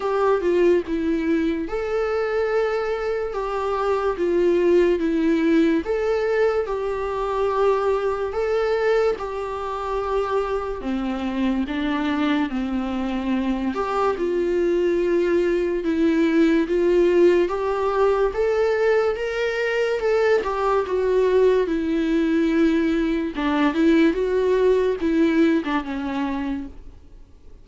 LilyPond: \new Staff \with { instrumentName = "viola" } { \time 4/4 \tempo 4 = 72 g'8 f'8 e'4 a'2 | g'4 f'4 e'4 a'4 | g'2 a'4 g'4~ | g'4 c'4 d'4 c'4~ |
c'8 g'8 f'2 e'4 | f'4 g'4 a'4 ais'4 | a'8 g'8 fis'4 e'2 | d'8 e'8 fis'4 e'8. d'16 cis'4 | }